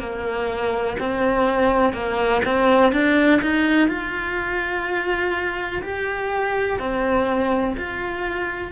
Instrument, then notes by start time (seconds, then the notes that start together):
cello
0.00 A#3
1.00 C4
1.94 A#3
2.45 C4
2.93 D4
3.42 D#4
3.89 F4
5.83 G4
6.80 C4
7.78 F4